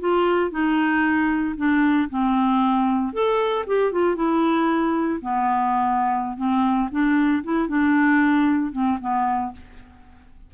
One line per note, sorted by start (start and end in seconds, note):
0.00 0.51 F4
0.51 1.55 D#4
1.57 2.09 D4
2.10 3.13 C4
3.13 3.65 A4
3.67 3.92 G4
3.92 4.16 F4
4.16 5.20 E4
5.22 6.37 B3
6.37 6.89 C4
6.91 7.43 D4
7.44 7.68 E4
7.68 8.72 D4
8.72 8.99 C4
9.00 9.53 B3